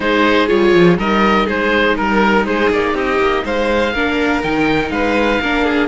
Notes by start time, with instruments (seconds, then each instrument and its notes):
0.00 cello G#3, viola D#4, violin G#4, oboe C5
0.47 cello G3, viola F4, oboe C#5
0.73 cello F3
0.97 cello G3, viola D#4, violin A#4, oboe D#5
1.45 cello G#3, violin G#4, oboe C5
1.96 cello G3, violin A#4, oboe A#4
2.45 cello G#3, violin G#4, oboe C5
2.70 cello A#3, oboe D5
2.94 cello C4, violin G4, oboe D#5
3.18 cello A#3
3.44 cello G#3, violin C5, oboe F5
3.93 cello A#3, viola D4, violin A#4
4.42 cello D#3, viola D#4, oboe G5
4.90 cello G#3, violin B4, oboe F5
5.41 cello A#3, viola D4, violin A#4
5.64 violin G#4